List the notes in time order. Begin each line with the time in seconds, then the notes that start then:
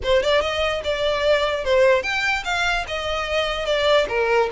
0.03 C5
0.22 D5
0.41 D#5
0.84 D5
1.64 C5
2.03 G5
2.44 F5
2.87 D#5
3.65 D5
4.09 A#4